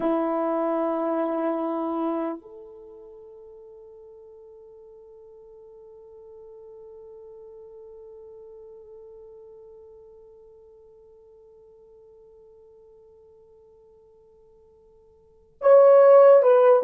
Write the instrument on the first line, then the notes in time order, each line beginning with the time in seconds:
horn
0.00 E4
2.41 A4
15.61 C#5
16.42 B4